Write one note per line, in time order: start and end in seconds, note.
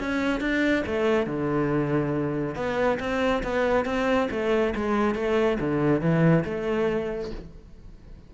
0.00 0.41 C#4
0.41 0.84 D4
0.87 1.27 A3
1.27 2.56 D3
2.56 2.99 B3
3.00 3.43 C4
3.44 3.86 B3
3.86 4.29 C4
4.31 4.74 A3
4.75 5.15 G#3
5.15 5.58 A3
5.61 6.01 D3
6.01 6.45 E3
6.45 7.31 A3